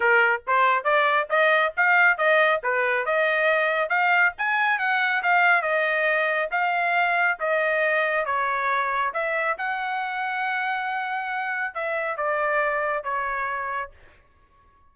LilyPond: \new Staff \with { instrumentName = "trumpet" } { \time 4/4 \tempo 4 = 138 ais'4 c''4 d''4 dis''4 | f''4 dis''4 b'4 dis''4~ | dis''4 f''4 gis''4 fis''4 | f''4 dis''2 f''4~ |
f''4 dis''2 cis''4~ | cis''4 e''4 fis''2~ | fis''2. e''4 | d''2 cis''2 | }